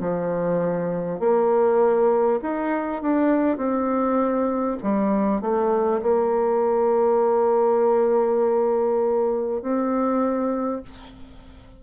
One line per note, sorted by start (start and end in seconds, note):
0.00 1.20 F3
1.20 2.40 A#3
2.42 3.02 D#4
3.02 3.57 D4
3.57 4.77 C4
4.83 5.41 G3
5.41 6.01 A3
6.02 9.62 A#3
9.62 10.82 C4